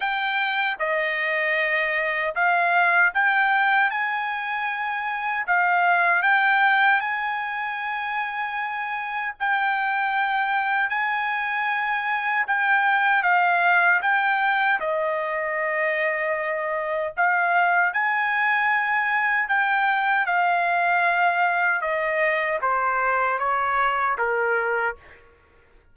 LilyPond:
\new Staff \with { instrumentName = "trumpet" } { \time 4/4 \tempo 4 = 77 g''4 dis''2 f''4 | g''4 gis''2 f''4 | g''4 gis''2. | g''2 gis''2 |
g''4 f''4 g''4 dis''4~ | dis''2 f''4 gis''4~ | gis''4 g''4 f''2 | dis''4 c''4 cis''4 ais'4 | }